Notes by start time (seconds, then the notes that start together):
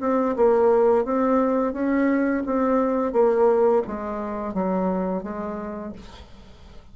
0.00 C4
0.36 A#3
1.04 C4
1.73 C#4
2.45 C4
3.12 A#3
3.87 G#3
4.54 F#3
5.23 G#3